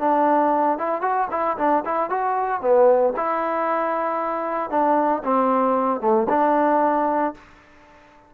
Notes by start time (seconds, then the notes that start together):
0.00 D4
0.78 E4
1.02 F#4
1.31 E4
1.58 D4
1.86 E4
2.10 F#4
2.61 B3
3.17 E4
4.71 D4
5.24 C4
6.01 A3
6.29 D4